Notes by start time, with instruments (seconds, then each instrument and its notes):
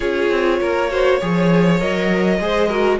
0.00 cello C#4, viola F4, violin G#4 C#5
0.30 cello C4
0.59 cello A#3, violin A#4
0.90 viola F#4, violin C5
1.19 cello F3, viola G#4, violin C#5
1.79 cello F#3, viola A#4, violin D#5
2.39 cello G#3, viola G#4, violin C5
2.68 viola F#4, violin A#4